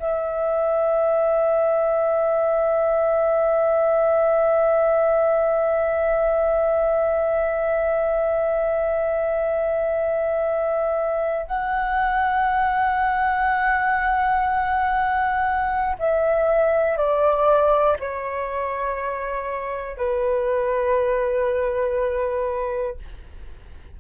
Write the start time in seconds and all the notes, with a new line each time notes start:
0.00 E5
11.47 F#5
15.99 E5
16.98 D5
18.00 C#5
19.98 B4